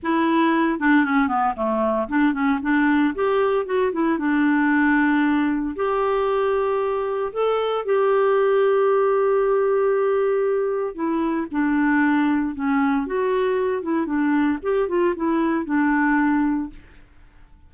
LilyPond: \new Staff \with { instrumentName = "clarinet" } { \time 4/4 \tempo 4 = 115 e'4. d'8 cis'8 b8 a4 | d'8 cis'8 d'4 g'4 fis'8 e'8 | d'2. g'4~ | g'2 a'4 g'4~ |
g'1~ | g'4 e'4 d'2 | cis'4 fis'4. e'8 d'4 | g'8 f'8 e'4 d'2 | }